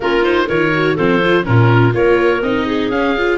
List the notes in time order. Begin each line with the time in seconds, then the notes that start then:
0.00 A#3 C#4 F4 A#4
0.21 D#4 C5
0.46 D#3 F4 A#4 C#5
0.73 F#4
0.94 F3 C4 A4 C5
1.20 F4
1.43 A#2 C#4 F4 A#4
1.92 A#3 F4 A#4 C#5
2.41 C4 D#4 D#5
2.65 G#4
2.89 C#4 F5
3.17 F4